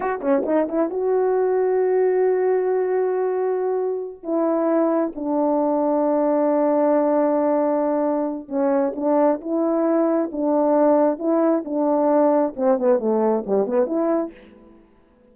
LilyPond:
\new Staff \with { instrumentName = "horn" } { \time 4/4 \tempo 4 = 134 fis'8 cis'8 dis'8 e'8 fis'2~ | fis'1~ | fis'4. e'2 d'8~ | d'1~ |
d'2. cis'4 | d'4 e'2 d'4~ | d'4 e'4 d'2 | c'8 b8 a4 g8 b8 e'4 | }